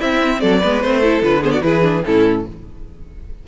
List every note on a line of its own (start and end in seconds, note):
0.00 0.62 C4
0.00 0.43 C4
0.00 0.41 E4
0.00 0.41 E5
0.41 0.63 F#3
0.41 0.60 A4
0.41 0.81 D5
0.60 0.84 G#3
0.60 0.84 B3
0.60 1.01 B4
0.81 1.22 A3
0.81 1.03 C4
0.81 1.22 C5
1.01 1.23 E4
1.01 1.42 A4
1.22 1.62 D3
1.22 1.42 F4
1.22 1.44 B4
1.42 1.62 B3
1.42 1.52 G#4
1.42 1.52 C5
1.52 1.63 F#4
1.52 1.62 D5
1.62 2.03 E3
1.62 1.82 E4
1.62 2.05 G#4
1.62 2.03 B4
1.82 2.02 D4
2.05 2.48 A2
2.05 2.46 C#4
2.05 2.47 E4
2.05 2.46 A4